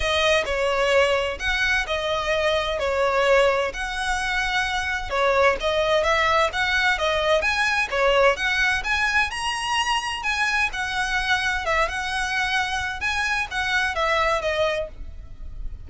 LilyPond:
\new Staff \with { instrumentName = "violin" } { \time 4/4 \tempo 4 = 129 dis''4 cis''2 fis''4 | dis''2 cis''2 | fis''2. cis''4 | dis''4 e''4 fis''4 dis''4 |
gis''4 cis''4 fis''4 gis''4 | ais''2 gis''4 fis''4~ | fis''4 e''8 fis''2~ fis''8 | gis''4 fis''4 e''4 dis''4 | }